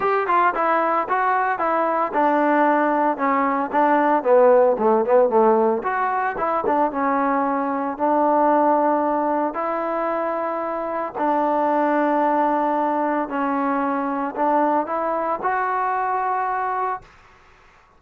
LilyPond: \new Staff \with { instrumentName = "trombone" } { \time 4/4 \tempo 4 = 113 g'8 f'8 e'4 fis'4 e'4 | d'2 cis'4 d'4 | b4 a8 b8 a4 fis'4 | e'8 d'8 cis'2 d'4~ |
d'2 e'2~ | e'4 d'2.~ | d'4 cis'2 d'4 | e'4 fis'2. | }